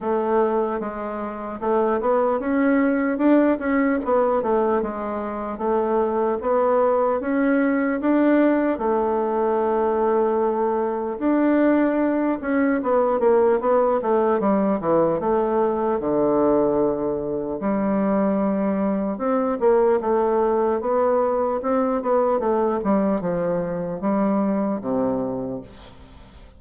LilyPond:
\new Staff \with { instrumentName = "bassoon" } { \time 4/4 \tempo 4 = 75 a4 gis4 a8 b8 cis'4 | d'8 cis'8 b8 a8 gis4 a4 | b4 cis'4 d'4 a4~ | a2 d'4. cis'8 |
b8 ais8 b8 a8 g8 e8 a4 | d2 g2 | c'8 ais8 a4 b4 c'8 b8 | a8 g8 f4 g4 c4 | }